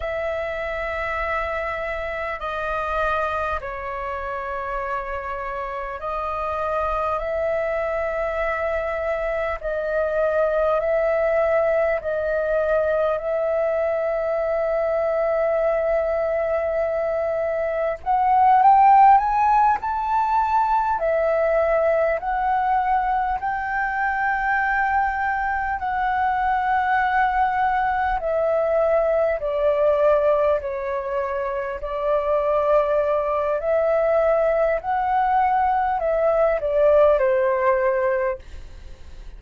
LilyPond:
\new Staff \with { instrumentName = "flute" } { \time 4/4 \tempo 4 = 50 e''2 dis''4 cis''4~ | cis''4 dis''4 e''2 | dis''4 e''4 dis''4 e''4~ | e''2. fis''8 g''8 |
gis''8 a''4 e''4 fis''4 g''8~ | g''4. fis''2 e''8~ | e''8 d''4 cis''4 d''4. | e''4 fis''4 e''8 d''8 c''4 | }